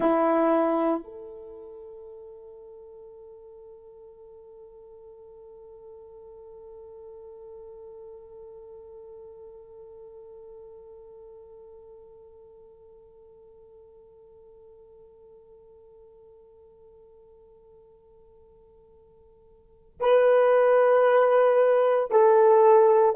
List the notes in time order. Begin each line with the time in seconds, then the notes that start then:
0.00 E4
1.04 A4
20.00 B4
22.11 A4